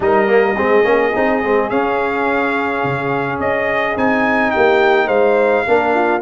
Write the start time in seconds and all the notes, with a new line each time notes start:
0.00 G3 D#4 A#4 D#5
0.27 A#3
0.57 G#3 C4 G#4
0.83 A#3 C#4
1.15 C4 D#4
1.43 G#3 C4
1.69 C#4 F5
2.83 C#3
3.39 C#4 D#5
3.96 C4 D#4 G#5
4.50 A#3 G4 G5
5.06 G#3 C5 F5
5.67 A#3 D4 A#4
5.94 F4